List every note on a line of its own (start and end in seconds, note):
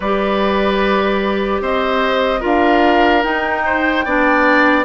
0.00 1.60 G3
0.00 2.40 G4
0.00 1.62 B4
0.00 1.61 D5
1.60 2.42 C4
1.60 2.40 C5
1.60 2.44 D#5
2.40 3.24 D4
2.40 3.21 F4
2.40 3.61 A#4
2.40 3.22 F5
3.22 4.04 D#4
3.22 4.05 D#4
3.22 4.84 G5
3.65 4.04 C5
4.04 4.84 B3
4.04 4.84 D4
4.04 4.84 D5